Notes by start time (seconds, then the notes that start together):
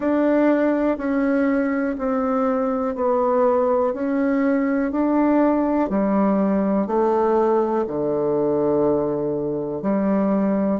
0.00 D4
0.97 C#4
1.98 C4
2.95 B3
3.93 C#4
4.91 D4
5.89 G3
6.86 A3
7.87 D3
9.82 G3